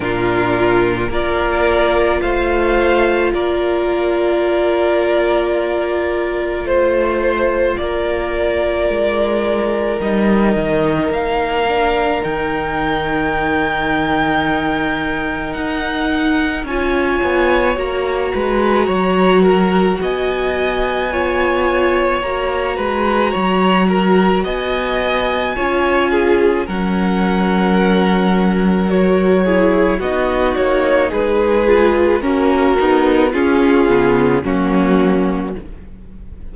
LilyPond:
<<
  \new Staff \with { instrumentName = "violin" } { \time 4/4 \tempo 4 = 54 ais'4 d''4 f''4 d''4~ | d''2 c''4 d''4~ | d''4 dis''4 f''4 g''4~ | g''2 fis''4 gis''4 |
ais''2 gis''2 | ais''2 gis''2 | fis''2 cis''4 dis''8 cis''8 | b'4 ais'4 gis'4 fis'4 | }
  \new Staff \with { instrumentName = "violin" } { \time 4/4 f'4 ais'4 c''4 ais'4~ | ais'2 c''4 ais'4~ | ais'1~ | ais'2. cis''4~ |
cis''8 b'8 cis''8 ais'8 dis''4 cis''4~ | cis''8 b'8 cis''8 ais'8 dis''4 cis''8 gis'8 | ais'2~ ais'8 gis'8 fis'4 | gis'4 cis'8 dis'8 f'4 cis'4 | }
  \new Staff \with { instrumentName = "viola" } { \time 4/4 d'4 f'2.~ | f'1~ | f'4 dis'4. d'8 dis'4~ | dis'2. f'4 |
fis'2. f'4 | fis'2. f'4 | cis'2 fis'8 e'8 dis'4~ | dis'8 f'8 fis'4 cis'8 b8 ais4 | }
  \new Staff \with { instrumentName = "cello" } { \time 4/4 ais,4 ais4 a4 ais4~ | ais2 a4 ais4 | gis4 g8 dis8 ais4 dis4~ | dis2 dis'4 cis'8 b8 |
ais8 gis8 fis4 b2 | ais8 gis8 fis4 b4 cis'4 | fis2. b8 ais8 | gis4 ais8 b8 cis'8 cis8 fis4 | }
>>